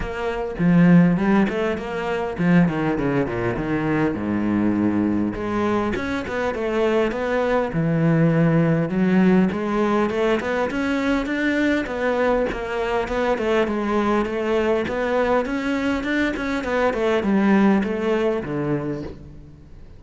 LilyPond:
\new Staff \with { instrumentName = "cello" } { \time 4/4 \tempo 4 = 101 ais4 f4 g8 a8 ais4 | f8 dis8 cis8 ais,8 dis4 gis,4~ | gis,4 gis4 cis'8 b8 a4 | b4 e2 fis4 |
gis4 a8 b8 cis'4 d'4 | b4 ais4 b8 a8 gis4 | a4 b4 cis'4 d'8 cis'8 | b8 a8 g4 a4 d4 | }